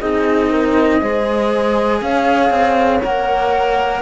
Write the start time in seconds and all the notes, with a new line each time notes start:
0.00 C4 D#4 G#4 D#5
0.50 A#4
1.01 G#3 G#4 C5
2.01 C#4 C#5 F5
2.50 C4
3.03 A#3 A#4 F#5